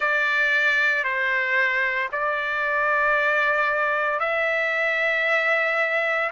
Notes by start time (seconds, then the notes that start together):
0.00 D5
1.03 C5
2.11 D5
4.19 E5